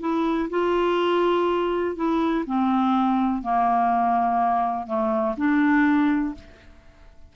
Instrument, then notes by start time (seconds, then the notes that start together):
clarinet
0.00 E4
0.50 F4
1.96 E4
2.46 C4
3.42 A#3
4.86 A3
5.37 D4